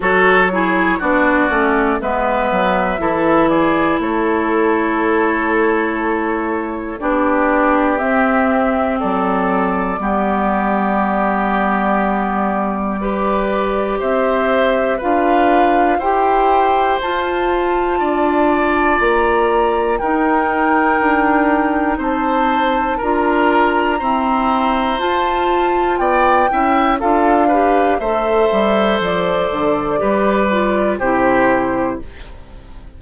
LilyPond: <<
  \new Staff \with { instrumentName = "flute" } { \time 4/4 \tempo 4 = 60 cis''4 d''4 e''4. d''8 | cis''2. d''4 | e''4 d''2.~ | d''2 e''4 f''4 |
g''4 a''2 ais''4 | g''2 a''4 ais''4~ | ais''4 a''4 g''4 f''4 | e''4 d''2 c''4 | }
  \new Staff \with { instrumentName = "oboe" } { \time 4/4 a'8 gis'8 fis'4 b'4 a'8 gis'8 | a'2. g'4~ | g'4 a'4 g'2~ | g'4 b'4 c''4 b'4 |
c''2 d''2 | ais'2 c''4 ais'4 | c''2 d''8 e''8 a'8 b'8 | c''2 b'4 g'4 | }
  \new Staff \with { instrumentName = "clarinet" } { \time 4/4 fis'8 e'8 d'8 cis'8 b4 e'4~ | e'2. d'4 | c'2 b2~ | b4 g'2 f'4 |
g'4 f'2. | dis'2. f'4 | c'4 f'4. e'8 f'8 g'8 | a'2 g'8 f'8 e'4 | }
  \new Staff \with { instrumentName = "bassoon" } { \time 4/4 fis4 b8 a8 gis8 fis8 e4 | a2. b4 | c'4 fis4 g2~ | g2 c'4 d'4 |
e'4 f'4 d'4 ais4 | dis'4 d'4 c'4 d'4 | e'4 f'4 b8 cis'8 d'4 | a8 g8 f8 d8 g4 c4 | }
>>